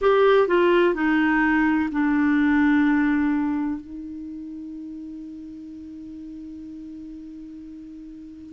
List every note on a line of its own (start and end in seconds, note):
0.01 0.47 G4
0.47 0.94 F4
0.94 1.89 D#4
1.91 3.81 D4
3.81 8.53 D#4